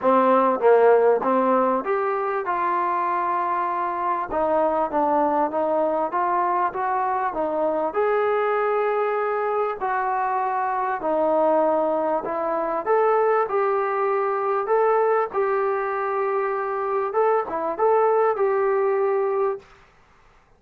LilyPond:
\new Staff \with { instrumentName = "trombone" } { \time 4/4 \tempo 4 = 98 c'4 ais4 c'4 g'4 | f'2. dis'4 | d'4 dis'4 f'4 fis'4 | dis'4 gis'2. |
fis'2 dis'2 | e'4 a'4 g'2 | a'4 g'2. | a'8 e'8 a'4 g'2 | }